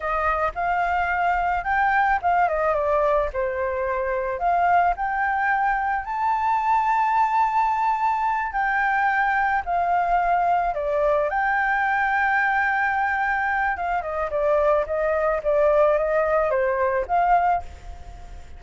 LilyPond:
\new Staff \with { instrumentName = "flute" } { \time 4/4 \tempo 4 = 109 dis''4 f''2 g''4 | f''8 dis''8 d''4 c''2 | f''4 g''2 a''4~ | a''2.~ a''8 g''8~ |
g''4. f''2 d''8~ | d''8 g''2.~ g''8~ | g''4 f''8 dis''8 d''4 dis''4 | d''4 dis''4 c''4 f''4 | }